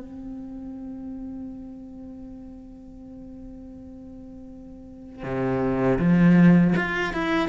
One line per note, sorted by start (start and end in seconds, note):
0.00 5.24 C4
5.24 5.99 C3
5.99 6.74 F3
6.76 7.14 F4
7.14 7.49 E4